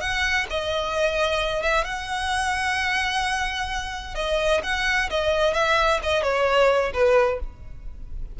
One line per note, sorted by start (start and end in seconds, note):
0.00 0.46 F#5
0.50 1.62 D#5
1.62 1.84 E5
1.84 4.15 F#5
4.15 4.61 D#5
4.63 5.09 F#5
5.10 5.53 D#5
5.53 5.99 E5
6.02 6.22 D#5
6.22 6.91 C#5
6.93 7.39 B4